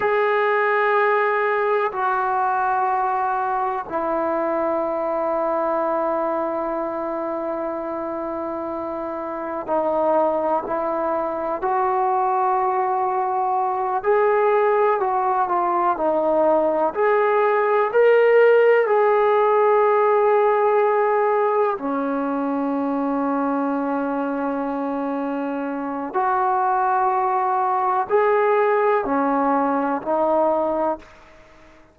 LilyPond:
\new Staff \with { instrumentName = "trombone" } { \time 4/4 \tempo 4 = 62 gis'2 fis'2 | e'1~ | e'2 dis'4 e'4 | fis'2~ fis'8 gis'4 fis'8 |
f'8 dis'4 gis'4 ais'4 gis'8~ | gis'2~ gis'8 cis'4.~ | cis'2. fis'4~ | fis'4 gis'4 cis'4 dis'4 | }